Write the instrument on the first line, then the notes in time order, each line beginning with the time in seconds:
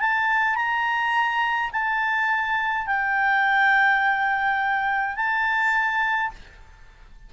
clarinet
0.00 A5
0.56 A#5
1.72 A5
2.87 G5
5.17 A5